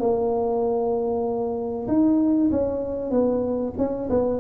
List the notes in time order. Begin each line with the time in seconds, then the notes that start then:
0.00 A#3
1.88 D#4
2.51 C#4
3.11 B3
3.78 C#4
4.10 B3